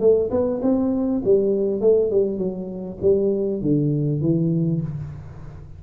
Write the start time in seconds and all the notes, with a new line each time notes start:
0.00 A3
0.31 B3
0.62 C4
1.24 G3
1.81 A3
2.11 G3
2.38 F#3
3.02 G3
3.62 D3
4.21 E3